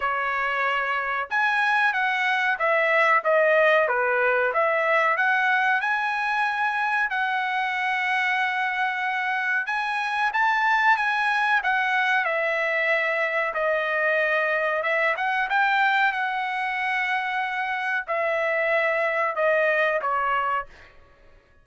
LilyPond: \new Staff \with { instrumentName = "trumpet" } { \time 4/4 \tempo 4 = 93 cis''2 gis''4 fis''4 | e''4 dis''4 b'4 e''4 | fis''4 gis''2 fis''4~ | fis''2. gis''4 |
a''4 gis''4 fis''4 e''4~ | e''4 dis''2 e''8 fis''8 | g''4 fis''2. | e''2 dis''4 cis''4 | }